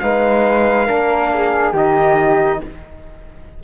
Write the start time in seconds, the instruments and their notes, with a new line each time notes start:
0.00 cello G#3, trombone D#4, flute B4, trumpet F5
0.87 cello A#3, trombone D4, flute A#4
1.34 flute G#4
1.74 cello D#3, trombone D#4, flute G4, trumpet D#5